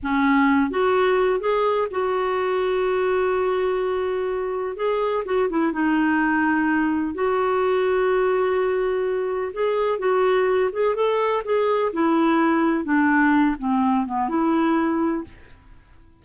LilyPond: \new Staff \with { instrumentName = "clarinet" } { \time 4/4 \tempo 4 = 126 cis'4. fis'4. gis'4 | fis'1~ | fis'2 gis'4 fis'8 e'8 | dis'2. fis'4~ |
fis'1 | gis'4 fis'4. gis'8 a'4 | gis'4 e'2 d'4~ | d'8 c'4 b8 e'2 | }